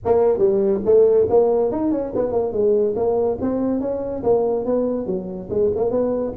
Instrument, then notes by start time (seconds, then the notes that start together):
tuba
0.05 A#3
0.38 G3
0.85 A3
1.29 A#3
1.71 D#4
1.91 C#4
2.15 B3
2.32 A#3
2.52 G#3
2.96 A#3
3.41 C4
3.80 C#4
4.23 A#3
4.65 B3
5.06 F#3
5.49 G#3
5.75 A#3
5.90 B3